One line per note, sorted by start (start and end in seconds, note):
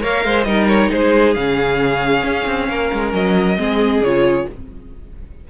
0.00 0.25 A#3
0.00 0.44 A#4
0.00 0.24 C#5
0.00 0.44 F5
0.25 0.46 G#3
0.25 0.47 C5
0.44 0.91 G3
0.44 1.35 D#4
0.44 0.92 A#4
0.44 0.66 D#5
0.69 0.91 C#5
0.92 1.36 G#3
0.92 2.69 G#4
0.92 1.35 C5
1.35 2.24 C#3
1.35 3.57 C#4
1.35 3.12 F5
2.24 2.46 C#4
2.47 2.69 C4
2.69 2.92 A#3
2.69 3.59 A#4
2.93 3.14 G#3
3.14 3.58 F#3
3.14 4.04 D#5
3.58 4.01 G#3
3.58 4.02 C4
3.58 4.48 G#4
4.01 4.46 C#3
4.01 4.50 F4
4.01 4.48 C#5